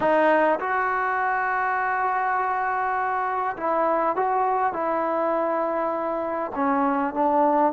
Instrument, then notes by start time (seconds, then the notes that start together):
trombone
0.00 D#4
0.59 F#4
3.56 E4
4.16 F#4
4.73 E4
6.55 C#4
7.13 D4